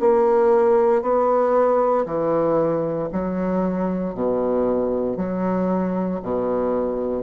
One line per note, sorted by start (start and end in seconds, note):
0.00 1.02 A#3
1.02 2.05 B3
2.05 3.09 E3
3.12 4.15 F#3
4.15 5.17 B2
5.17 6.20 F#3
6.22 7.23 B2